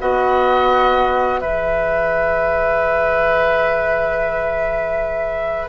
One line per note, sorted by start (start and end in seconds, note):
0.00 1.43 B3
0.00 1.43 F#4
0.00 1.41 D#5
0.00 1.40 F#5
1.40 5.70 E3
1.40 5.70 G#4
1.40 5.69 B4
1.40 5.69 E5